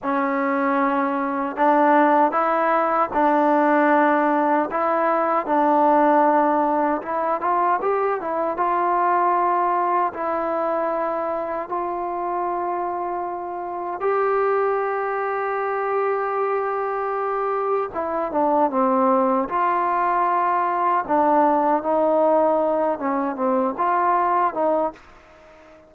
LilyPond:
\new Staff \with { instrumentName = "trombone" } { \time 4/4 \tempo 4 = 77 cis'2 d'4 e'4 | d'2 e'4 d'4~ | d'4 e'8 f'8 g'8 e'8 f'4~ | f'4 e'2 f'4~ |
f'2 g'2~ | g'2. e'8 d'8 | c'4 f'2 d'4 | dis'4. cis'8 c'8 f'4 dis'8 | }